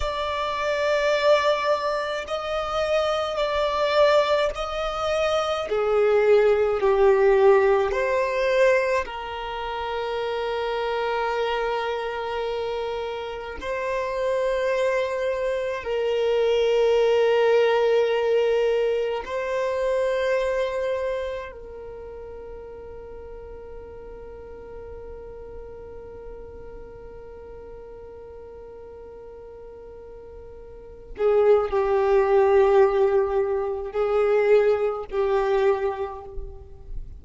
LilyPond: \new Staff \with { instrumentName = "violin" } { \time 4/4 \tempo 4 = 53 d''2 dis''4 d''4 | dis''4 gis'4 g'4 c''4 | ais'1 | c''2 ais'2~ |
ais'4 c''2 ais'4~ | ais'1~ | ais'2.~ ais'8 gis'8 | g'2 gis'4 g'4 | }